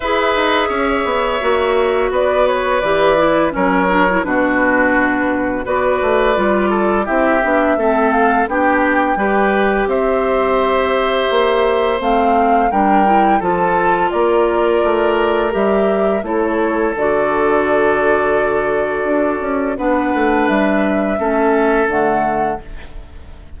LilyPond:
<<
  \new Staff \with { instrumentName = "flute" } { \time 4/4 \tempo 4 = 85 e''2. d''8 cis''8 | d''4 cis''4 b'2 | d''2 e''4. f''8 | g''2 e''2~ |
e''4 f''4 g''4 a''4 | d''2 e''4 cis''4 | d''1 | fis''4 e''2 fis''4 | }
  \new Staff \with { instrumentName = "oboe" } { \time 4/4 b'4 cis''2 b'4~ | b'4 ais'4 fis'2 | b'4. a'8 g'4 a'4 | g'4 b'4 c''2~ |
c''2 ais'4 a'4 | ais'2. a'4~ | a'1 | b'2 a'2 | }
  \new Staff \with { instrumentName = "clarinet" } { \time 4/4 gis'2 fis'2 | g'8 e'8 cis'8 d'16 e'16 d'2 | fis'4 f'4 e'8 d'8 c'4 | d'4 g'2.~ |
g'4 c'4 d'8 e'8 f'4~ | f'2 g'4 e'4 | fis'1 | d'2 cis'4 a4 | }
  \new Staff \with { instrumentName = "bassoon" } { \time 4/4 e'8 dis'8 cis'8 b8 ais4 b4 | e4 fis4 b,2 | b8 a8 g4 c'8 b8 a4 | b4 g4 c'2 |
ais4 a4 g4 f4 | ais4 a4 g4 a4 | d2. d'8 cis'8 | b8 a8 g4 a4 d4 | }
>>